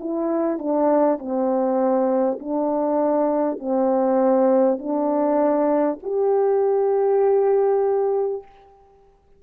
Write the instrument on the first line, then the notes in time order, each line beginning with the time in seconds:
horn
0.00 E4
0.58 D4
1.18 C4
2.39 D4
3.59 C4
4.79 D4
6.03 G4